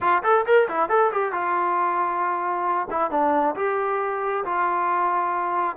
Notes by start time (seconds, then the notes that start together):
0.00 F4
0.23 A4
0.45 A#4
0.68 E4
0.89 A4
1.12 G4
1.32 F4
2.90 E4
3.11 D4
3.55 G4
4.44 F4